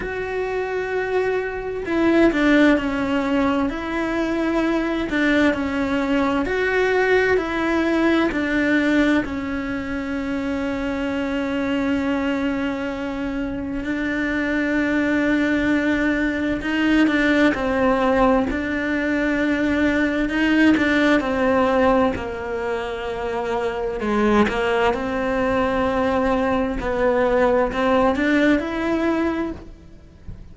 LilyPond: \new Staff \with { instrumentName = "cello" } { \time 4/4 \tempo 4 = 65 fis'2 e'8 d'8 cis'4 | e'4. d'8 cis'4 fis'4 | e'4 d'4 cis'2~ | cis'2. d'4~ |
d'2 dis'8 d'8 c'4 | d'2 dis'8 d'8 c'4 | ais2 gis8 ais8 c'4~ | c'4 b4 c'8 d'8 e'4 | }